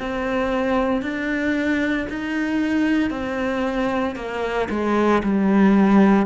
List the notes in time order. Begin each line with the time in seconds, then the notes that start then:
0.00 C4
1.02 D4
2.10 D#4
3.11 C4
4.16 A#3
4.70 G#3
5.23 G3